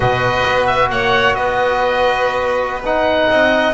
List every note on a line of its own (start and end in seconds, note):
0.00 0.45 B2
0.00 2.82 F#4
0.00 0.89 B4
0.00 0.66 D#5
0.46 0.90 B3
0.66 0.89 E5
0.90 1.35 A#3
0.90 1.36 C#5
0.90 1.34 F#5
1.34 3.28 B3
1.34 3.29 B4
1.34 2.82 D#5
2.85 3.74 D#4
2.85 3.74 F#5
3.29 3.74 C4
3.29 3.74 D#5